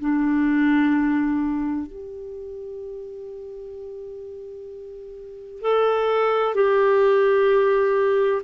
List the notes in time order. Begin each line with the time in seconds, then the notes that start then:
0.00 D4
1.87 G4
5.62 A4
6.55 G4